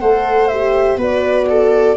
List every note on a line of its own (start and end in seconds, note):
0.00 0.96 A3
0.00 0.51 A4
0.00 0.98 C5
0.00 0.48 F#5
0.48 0.99 G4
0.48 0.97 E5
0.96 1.95 B3
0.96 1.96 F#4
0.96 1.47 B4
0.96 1.96 D5
1.49 1.96 A4